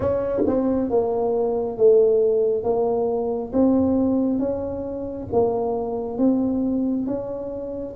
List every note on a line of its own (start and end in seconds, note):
0.00 0.43 C#4
0.47 0.89 C4
0.89 1.77 A#3
1.77 2.63 A3
2.63 3.51 A#3
3.53 4.39 C4
4.39 5.27 C#4
5.32 6.18 A#3
6.18 7.06 C4
7.06 7.94 C#4